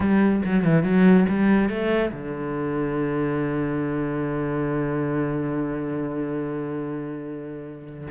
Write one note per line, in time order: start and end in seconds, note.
0.00 0.42 G3
0.45 0.64 F#3
0.64 0.83 E3
0.83 1.26 F#3
1.28 1.69 G3
1.69 2.11 A3
2.12 8.07 D3